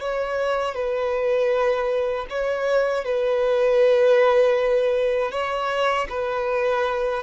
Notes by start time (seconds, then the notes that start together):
0.00 C#5
0.75 B4
2.30 C#5
3.04 B4
5.32 C#5
6.10 B4